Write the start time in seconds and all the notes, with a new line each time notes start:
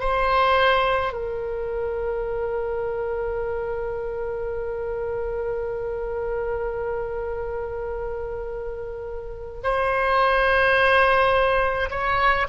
0.00 C5
1.13 A#4
9.64 C5
11.91 C#5